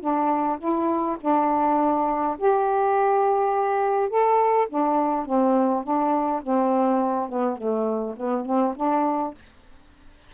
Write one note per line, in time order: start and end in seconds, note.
0.00 0.58 D4
0.59 1.17 E4
1.21 2.37 D4
2.38 4.09 G4
4.09 4.67 A4
4.69 5.25 D4
5.25 5.84 C4
5.84 6.42 D4
6.42 7.29 C4
7.29 7.57 B3
7.57 8.15 A3
8.16 8.45 B3
8.45 8.75 C4
8.76 9.34 D4